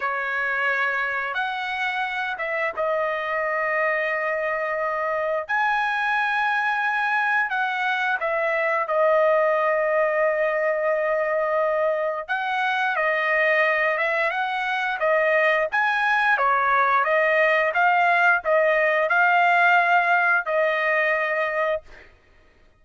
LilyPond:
\new Staff \with { instrumentName = "trumpet" } { \time 4/4 \tempo 4 = 88 cis''2 fis''4. e''8 | dis''1 | gis''2. fis''4 | e''4 dis''2.~ |
dis''2 fis''4 dis''4~ | dis''8 e''8 fis''4 dis''4 gis''4 | cis''4 dis''4 f''4 dis''4 | f''2 dis''2 | }